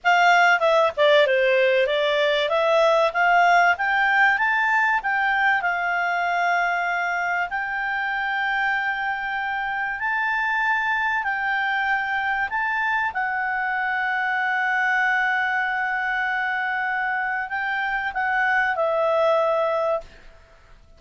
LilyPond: \new Staff \with { instrumentName = "clarinet" } { \time 4/4 \tempo 4 = 96 f''4 e''8 d''8 c''4 d''4 | e''4 f''4 g''4 a''4 | g''4 f''2. | g''1 |
a''2 g''2 | a''4 fis''2.~ | fis''1 | g''4 fis''4 e''2 | }